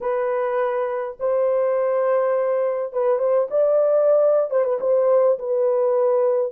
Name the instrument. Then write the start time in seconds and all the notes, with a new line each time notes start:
horn
0.00 B4
1.19 C5
2.92 B4
3.19 C5
3.50 D5
4.50 C5
4.64 B4
4.80 C5
5.39 B4